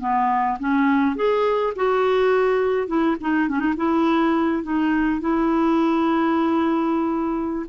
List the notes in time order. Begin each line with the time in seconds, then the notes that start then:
0.00 B3
0.59 C#4
1.16 G#4
1.76 F#4
2.87 E4
3.20 D#4
3.49 C#4
3.59 D#4
3.77 E4
4.63 D#4
5.21 E4